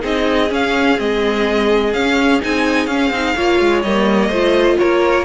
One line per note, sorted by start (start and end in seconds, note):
0.00 0.50 C4
0.00 0.48 D#4
0.00 3.34 G#4
0.00 0.51 D#5
0.49 0.96 C#4
0.49 0.98 C#4
0.49 0.99 F5
0.96 1.93 G#3
0.96 1.92 C4
0.96 1.93 D#5
1.93 2.41 C#4
1.93 2.40 C#4
1.93 2.41 F5
2.40 2.86 C4
2.40 2.87 D#4
2.40 2.86 G#5
2.86 3.10 C#4
2.86 3.11 C#4
2.86 3.81 F5
3.10 3.34 C4
3.10 3.36 D#4
3.35 3.60 A#3
3.35 3.84 F4
3.35 4.29 C#5
3.60 3.84 G#3
3.82 4.28 G3
3.82 4.33 A#3
3.82 4.77 D#5
4.28 4.76 A3
4.28 5.25 F4
4.28 4.76 C5
4.78 5.25 A#3
4.78 5.25 A#4
4.78 5.25 C#5